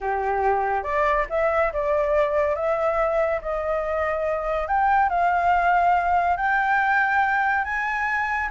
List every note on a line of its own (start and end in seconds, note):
0.00 0.83 G4
0.83 1.26 D5
1.29 1.72 E5
1.72 2.55 D5
2.55 3.40 E5
3.41 4.67 D#5
4.67 5.09 G5
5.09 6.36 F5
6.37 7.64 G5
7.64 8.49 G#5